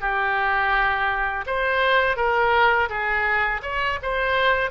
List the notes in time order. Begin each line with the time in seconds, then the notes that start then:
0.00 G4
1.46 C5
2.16 A#4
2.89 G#4
3.62 C#5
4.02 C5